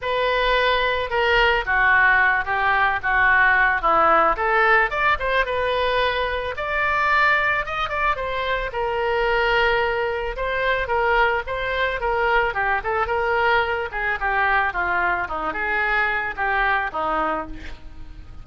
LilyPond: \new Staff \with { instrumentName = "oboe" } { \time 4/4 \tempo 4 = 110 b'2 ais'4 fis'4~ | fis'8 g'4 fis'4. e'4 | a'4 d''8 c''8 b'2 | d''2 dis''8 d''8 c''4 |
ais'2. c''4 | ais'4 c''4 ais'4 g'8 a'8 | ais'4. gis'8 g'4 f'4 | dis'8 gis'4. g'4 dis'4 | }